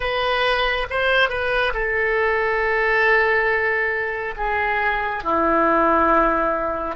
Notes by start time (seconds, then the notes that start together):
0.00 B4
0.90 C5
1.29 B4
1.74 A4
4.36 G#4
5.23 E4